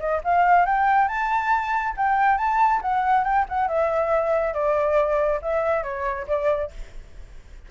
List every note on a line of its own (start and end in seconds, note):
0.00 0.22 D#5
0.24 0.66 F5
0.66 1.08 G5
1.08 1.95 A5
1.97 2.38 G5
2.38 2.81 A5
2.82 3.24 F#5
3.24 3.46 G5
3.49 3.68 F#5
3.68 4.54 E5
4.54 5.40 D5
5.43 5.84 E5
5.84 6.27 C#5
6.28 6.71 D5